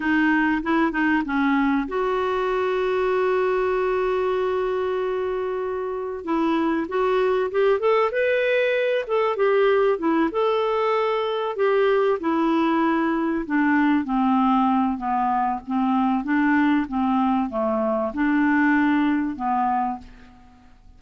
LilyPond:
\new Staff \with { instrumentName = "clarinet" } { \time 4/4 \tempo 4 = 96 dis'4 e'8 dis'8 cis'4 fis'4~ | fis'1~ | fis'2 e'4 fis'4 | g'8 a'8 b'4. a'8 g'4 |
e'8 a'2 g'4 e'8~ | e'4. d'4 c'4. | b4 c'4 d'4 c'4 | a4 d'2 b4 | }